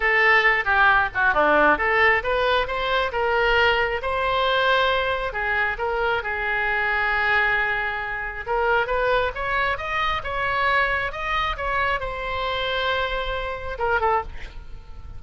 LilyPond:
\new Staff \with { instrumentName = "oboe" } { \time 4/4 \tempo 4 = 135 a'4. g'4 fis'8 d'4 | a'4 b'4 c''4 ais'4~ | ais'4 c''2. | gis'4 ais'4 gis'2~ |
gis'2. ais'4 | b'4 cis''4 dis''4 cis''4~ | cis''4 dis''4 cis''4 c''4~ | c''2. ais'8 a'8 | }